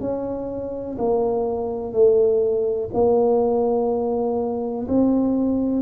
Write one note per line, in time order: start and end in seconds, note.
0.00 0.97 C#4
0.99 1.93 A#3
1.93 2.89 A3
2.94 4.87 A#3
4.88 5.82 C4